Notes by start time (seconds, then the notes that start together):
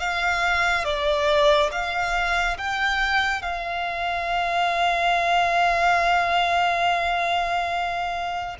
0.00 F5
0.85 D5
1.72 F5
2.58 G5
3.42 F5